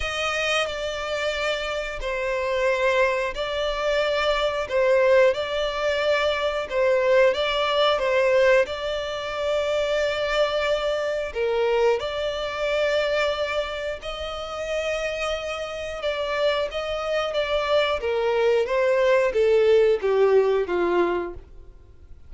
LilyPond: \new Staff \with { instrumentName = "violin" } { \time 4/4 \tempo 4 = 90 dis''4 d''2 c''4~ | c''4 d''2 c''4 | d''2 c''4 d''4 | c''4 d''2.~ |
d''4 ais'4 d''2~ | d''4 dis''2. | d''4 dis''4 d''4 ais'4 | c''4 a'4 g'4 f'4 | }